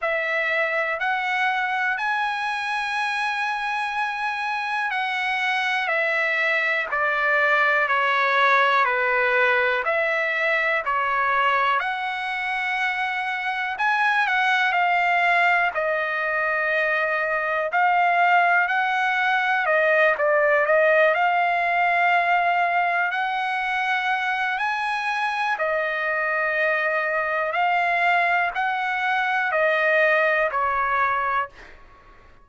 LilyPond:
\new Staff \with { instrumentName = "trumpet" } { \time 4/4 \tempo 4 = 61 e''4 fis''4 gis''2~ | gis''4 fis''4 e''4 d''4 | cis''4 b'4 e''4 cis''4 | fis''2 gis''8 fis''8 f''4 |
dis''2 f''4 fis''4 | dis''8 d''8 dis''8 f''2 fis''8~ | fis''4 gis''4 dis''2 | f''4 fis''4 dis''4 cis''4 | }